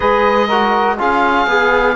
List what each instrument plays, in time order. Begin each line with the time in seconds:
0.00 cello G#3, trombone G#4, saxophone B4, oboe D#5
0.47 trombone F#4, saxophone A#4
0.97 cello C#4, trombone F4, saxophone G#4, oboe F5
1.46 cello B3, trombone G#4